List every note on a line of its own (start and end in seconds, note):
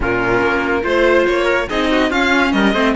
0.00 0.41 A#2
0.00 0.82 C#4
0.00 0.83 F4
0.00 0.86 A#4
0.41 0.83 A#3
0.82 1.26 A3
0.82 1.67 F4
0.82 1.44 C5
0.82 1.26 C5
1.26 1.69 A#3
1.26 1.68 C#5
1.44 1.66 A#4
1.69 2.11 C4
1.69 2.11 D#4
1.69 1.90 G#4
1.69 2.11 D#5
1.91 2.10 F#4
2.10 2.74 C#4
2.10 2.53 C#4
2.10 2.52 F4
2.10 2.52 F5
2.52 2.73 G3
2.52 2.74 A#4
2.52 2.94 D#5
2.73 2.94 A3
2.73 2.95 C4
2.73 2.95 C5